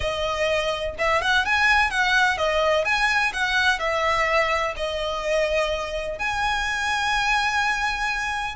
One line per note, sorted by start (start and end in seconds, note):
0.00 0.95 D#5
0.98 1.21 E5
1.21 1.45 F#5
1.45 1.90 G#5
1.90 2.37 F#5
2.37 2.84 D#5
2.84 3.32 G#5
3.33 3.79 F#5
3.79 4.74 E5
4.76 6.18 D#5
6.18 8.55 G#5